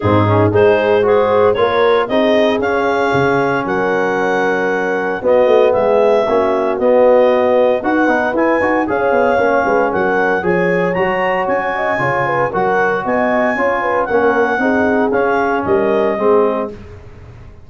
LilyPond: <<
  \new Staff \with { instrumentName = "clarinet" } { \time 4/4 \tempo 4 = 115 gis'4 c''4 gis'4 cis''4 | dis''4 f''2 fis''4~ | fis''2 dis''4 e''4~ | e''4 dis''2 fis''4 |
gis''4 f''2 fis''4 | gis''4 ais''4 gis''2 | fis''4 gis''2 fis''4~ | fis''4 f''4 dis''2 | }
  \new Staff \with { instrumentName = "horn" } { \time 4/4 dis'4 gis'4 c''4 ais'4 | gis'2. ais'4~ | ais'2 fis'4 gis'4 | fis'2. b'4~ |
b'4 cis''4. b'8 ais'4 | cis''2~ cis''8 dis''8 cis''8 b'8 | ais'4 dis''4 cis''8 b'8 ais'4 | gis'2 ais'4 gis'4 | }
  \new Staff \with { instrumentName = "trombone" } { \time 4/4 c'8 cis'8 dis'4 fis'4 f'4 | dis'4 cis'2.~ | cis'2 b2 | cis'4 b2 fis'8 dis'8 |
e'8 fis'8 gis'4 cis'2 | gis'4 fis'2 f'4 | fis'2 f'4 cis'4 | dis'4 cis'2 c'4 | }
  \new Staff \with { instrumentName = "tuba" } { \time 4/4 gis,4 gis2 ais4 | c'4 cis'4 cis4 fis4~ | fis2 b8 a8 gis4 | ais4 b2 dis'8 b8 |
e'8 dis'8 cis'8 b8 ais8 gis8 fis4 | f4 fis4 cis'4 cis4 | fis4 b4 cis'4 ais4 | c'4 cis'4 g4 gis4 | }
>>